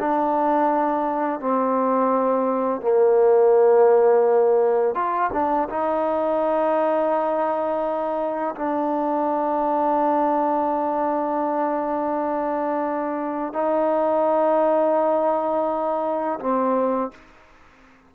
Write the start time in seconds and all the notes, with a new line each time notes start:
0.00 D4
1.41 C4
2.82 A#3
4.95 F4
5.33 D4
5.70 D#4
8.56 D4
13.54 D#4
16.40 C4